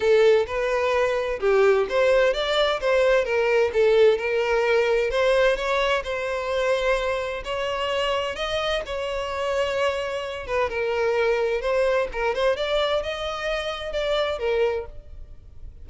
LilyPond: \new Staff \with { instrumentName = "violin" } { \time 4/4 \tempo 4 = 129 a'4 b'2 g'4 | c''4 d''4 c''4 ais'4 | a'4 ais'2 c''4 | cis''4 c''2. |
cis''2 dis''4 cis''4~ | cis''2~ cis''8 b'8 ais'4~ | ais'4 c''4 ais'8 c''8 d''4 | dis''2 d''4 ais'4 | }